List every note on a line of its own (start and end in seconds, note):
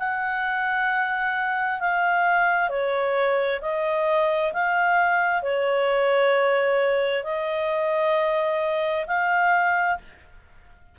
0.00 1.80 F#5
1.80 2.69 F5
2.69 3.60 C#5
3.62 4.52 D#5
4.53 5.43 F5
5.43 7.24 C#5
7.24 9.06 D#5
9.07 9.98 F5